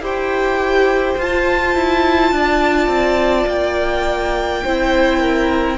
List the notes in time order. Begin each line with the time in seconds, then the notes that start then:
0.00 E4 G4 C5
0.06 G5
1.18 F4 A5
1.75 E4
2.32 D4 D5
2.88 C4
3.48 A#3 G5
4.64 C4 E4 C5
5.20 A#4